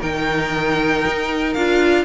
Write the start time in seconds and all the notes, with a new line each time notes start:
0.00 D#3 D#4 A#4 G5
1.07 D#4
1.54 D4 F4 F5